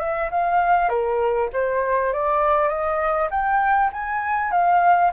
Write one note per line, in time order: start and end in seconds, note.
0.00 0.30 E5
0.31 0.89 F5
0.89 1.49 A#4
1.53 2.13 C5
2.13 2.69 D5
2.69 3.29 D#5
3.31 3.91 G5
3.93 4.52 G#5
4.52 5.12 F5